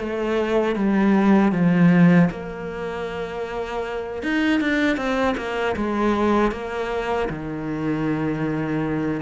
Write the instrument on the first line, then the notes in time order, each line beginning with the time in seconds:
cello
0.00 A3
0.76 G3
1.52 F3
2.31 A#3
4.23 D#4
4.61 D4
4.97 C4
5.38 A#3
5.77 G#3
6.52 A#3
7.30 D#3